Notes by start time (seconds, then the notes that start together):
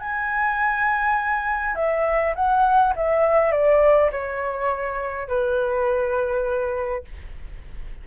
0.00 G#5
1.75 E5
2.35 F#5
2.96 E5
3.52 D5
4.11 C#5
5.28 B4